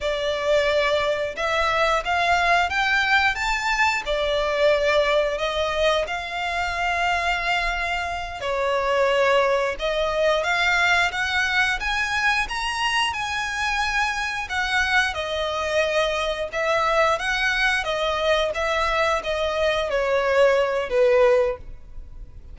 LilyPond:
\new Staff \with { instrumentName = "violin" } { \time 4/4 \tempo 4 = 89 d''2 e''4 f''4 | g''4 a''4 d''2 | dis''4 f''2.~ | f''8 cis''2 dis''4 f''8~ |
f''8 fis''4 gis''4 ais''4 gis''8~ | gis''4. fis''4 dis''4.~ | dis''8 e''4 fis''4 dis''4 e''8~ | e''8 dis''4 cis''4. b'4 | }